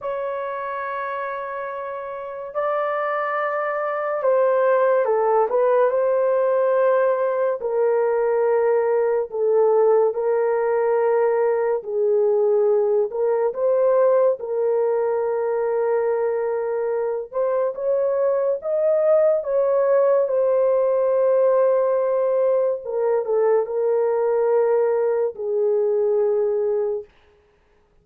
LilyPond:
\new Staff \with { instrumentName = "horn" } { \time 4/4 \tempo 4 = 71 cis''2. d''4~ | d''4 c''4 a'8 b'8 c''4~ | c''4 ais'2 a'4 | ais'2 gis'4. ais'8 |
c''4 ais'2.~ | ais'8 c''8 cis''4 dis''4 cis''4 | c''2. ais'8 a'8 | ais'2 gis'2 | }